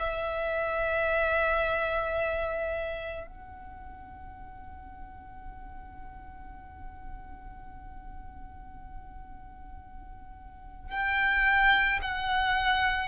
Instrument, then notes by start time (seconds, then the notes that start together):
violin
0.00 E5
3.27 F#5
10.91 G5
12.02 F#5